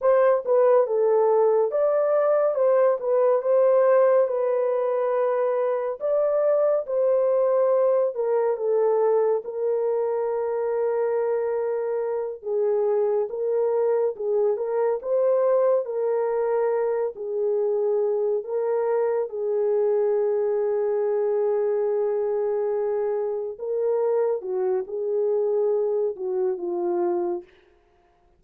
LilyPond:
\new Staff \with { instrumentName = "horn" } { \time 4/4 \tempo 4 = 70 c''8 b'8 a'4 d''4 c''8 b'8 | c''4 b'2 d''4 | c''4. ais'8 a'4 ais'4~ | ais'2~ ais'8 gis'4 ais'8~ |
ais'8 gis'8 ais'8 c''4 ais'4. | gis'4. ais'4 gis'4.~ | gis'2.~ gis'8 ais'8~ | ais'8 fis'8 gis'4. fis'8 f'4 | }